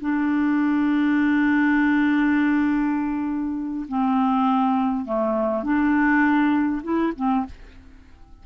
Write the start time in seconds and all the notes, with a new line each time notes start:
0.00 D4
3.88 C4
5.05 A3
5.63 D4
6.83 E4
7.16 C4